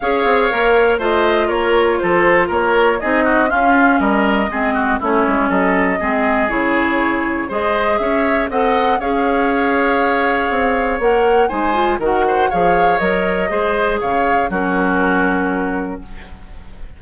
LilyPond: <<
  \new Staff \with { instrumentName = "flute" } { \time 4/4 \tempo 4 = 120 f''2 dis''4 cis''4 | c''4 cis''4 dis''4 f''4 | dis''2 cis''4 dis''4~ | dis''4 cis''2 dis''4 |
e''4 fis''4 f''2~ | f''2 fis''4 gis''4 | fis''4 f''4 dis''2 | f''4 ais'2. | }
  \new Staff \with { instrumentName = "oboe" } { \time 4/4 cis''2 c''4 ais'4 | a'4 ais'4 gis'8 fis'8 f'4 | ais'4 gis'8 fis'8 e'4 a'4 | gis'2. c''4 |
cis''4 dis''4 cis''2~ | cis''2. c''4 | ais'8 c''8 cis''2 c''4 | cis''4 fis'2. | }
  \new Staff \with { instrumentName = "clarinet" } { \time 4/4 gis'4 ais'4 f'2~ | f'2 dis'4 cis'4~ | cis'4 c'4 cis'2 | c'4 e'2 gis'4~ |
gis'4 a'4 gis'2~ | gis'2 ais'4 dis'8 f'8 | fis'4 gis'4 ais'4 gis'4~ | gis'4 cis'2. | }
  \new Staff \with { instrumentName = "bassoon" } { \time 4/4 cis'8 c'8 ais4 a4 ais4 | f4 ais4 c'4 cis'4 | g4 gis4 a8 gis8 fis4 | gis4 cis2 gis4 |
cis'4 c'4 cis'2~ | cis'4 c'4 ais4 gis4 | dis4 f4 fis4 gis4 | cis4 fis2. | }
>>